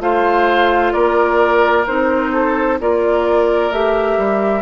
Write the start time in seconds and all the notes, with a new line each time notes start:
0.00 A3 F4 C5 F5
0.93 A#3 A#4 D5
1.87 C4 D#4 C5
2.32 A4
2.80 A#3 F4 A#4 D5
3.71 A3 G4 E5
4.18 G3